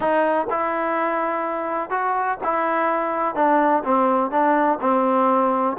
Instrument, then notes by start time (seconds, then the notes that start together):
trombone
0.00 D#4
0.50 E4
1.90 F#4
2.43 E4
3.35 D4
3.84 C4
4.30 D4
4.80 C4